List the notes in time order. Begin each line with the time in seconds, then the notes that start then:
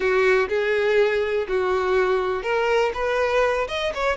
0.00 F#4
0.49 G#4
1.48 F#4
2.43 A#4
2.94 B4
3.68 D#5
3.94 C#5